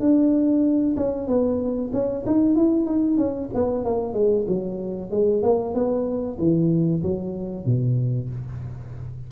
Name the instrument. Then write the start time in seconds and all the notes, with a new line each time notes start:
tuba
0.00 D4
0.97 C#4
1.27 B3
1.93 C#4
2.26 D#4
2.55 E4
2.86 D#4
3.18 C#4
3.54 B3
3.85 A#3
4.13 G#3
4.48 F#3
5.11 G#3
5.43 A#3
5.74 B3
6.39 E3
7.02 F#3
7.66 B2